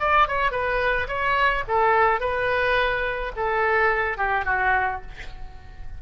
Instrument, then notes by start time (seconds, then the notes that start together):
oboe
0.00 D5
0.28 C#5
0.51 B4
1.08 C#5
1.68 A4
2.20 B4
3.36 A4
4.18 G4
4.45 F#4